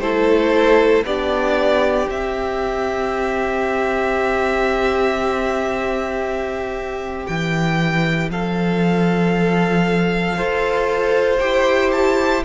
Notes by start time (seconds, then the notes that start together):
0.00 A3 E4 A4 C5
1.05 B3 D4 G4 D5
2.09 C4 E5
7.26 E3 G5
8.30 F3 A4 F5
10.36 F4 A4 C5
11.39 E4 G4 G5
11.92 A5